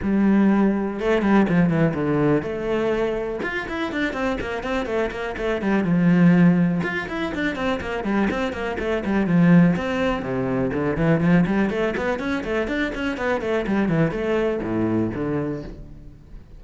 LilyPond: \new Staff \with { instrumentName = "cello" } { \time 4/4 \tempo 4 = 123 g2 a8 g8 f8 e8 | d4 a2 f'8 e'8 | d'8 c'8 ais8 c'8 a8 ais8 a8 g8 | f2 f'8 e'8 d'8 c'8 |
ais8 g8 c'8 ais8 a8 g8 f4 | c'4 c4 d8 e8 f8 g8 | a8 b8 cis'8 a8 d'8 cis'8 b8 a8 | g8 e8 a4 a,4 d4 | }